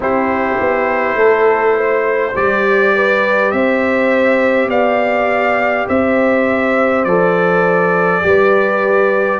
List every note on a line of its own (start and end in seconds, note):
0.00 0.55 C4
0.00 2.33 E4
0.00 1.18 G4
0.00 2.36 C5
0.60 1.15 B3
1.15 2.33 A3
1.15 1.76 A4
1.76 2.94 C5
2.35 3.52 G3
2.35 7.06 G4
2.35 3.51 D5
2.95 3.53 B4
3.51 4.68 C4
3.51 4.69 C5
3.51 4.68 E5
4.68 5.86 B3
4.68 5.87 D5
4.68 5.87 F5
5.87 7.04 C4
5.87 8.23 C5
5.87 7.04 E5
7.04 8.22 F3
7.04 8.22 A4
7.04 9.39 D5
8.22 9.39 G3
8.22 9.39 G4
8.22 9.39 B4